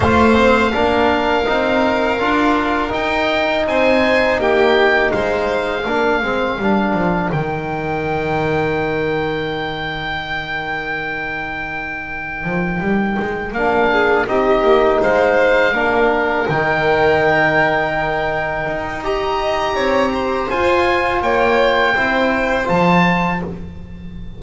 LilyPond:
<<
  \new Staff \with { instrumentName = "oboe" } { \time 4/4 \tempo 4 = 82 f''1 | g''4 gis''4 g''4 f''4~ | f''2 g''2~ | g''1~ |
g''2~ g''8 f''4 dis''8~ | dis''8 f''2 g''4.~ | g''2 ais''2 | gis''4 g''2 a''4 | }
  \new Staff \with { instrumentName = "violin" } { \time 4/4 c''4 ais'2.~ | ais'4 c''4 g'4 c''4 | ais'1~ | ais'1~ |
ais'2. gis'8 g'8~ | g'8 c''4 ais'2~ ais'8~ | ais'2 dis''4 cis''8 c''8~ | c''4 cis''4 c''2 | }
  \new Staff \with { instrumentName = "trombone" } { \time 4/4 f'8 c'8 d'4 dis'4 f'4 | dis'1 | d'8 c'8 d'4 dis'2~ | dis'1~ |
dis'2~ dis'8 d'4 dis'8~ | dis'4. d'4 dis'4.~ | dis'2 g'2 | f'2 e'4 f'4 | }
  \new Staff \with { instrumentName = "double bass" } { \time 4/4 a4 ais4 c'4 d'4 | dis'4 c'4 ais4 gis4 | ais8 gis8 g8 f8 dis2~ | dis1~ |
dis4 f8 g8 gis8 ais4 c'8 | ais8 gis4 ais4 dis4.~ | dis4. dis'4. c'4 | f'4 ais4 c'4 f4 | }
>>